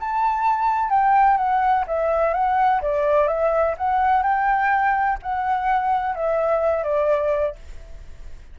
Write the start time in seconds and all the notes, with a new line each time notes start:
0.00 A5
0.90 G5
1.38 F#5
1.87 E5
2.34 F#5
2.82 D5
3.28 E5
3.78 F#5
4.23 G5
5.23 F#5
6.16 E5
6.84 D5